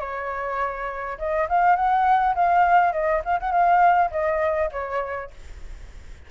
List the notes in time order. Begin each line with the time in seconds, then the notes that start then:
0.00 C#5
1.18 D#5
1.49 F5
1.76 F#5
2.35 F5
2.93 D#5
3.25 F5
3.40 F#5
3.51 F5
4.11 D#5
4.72 C#5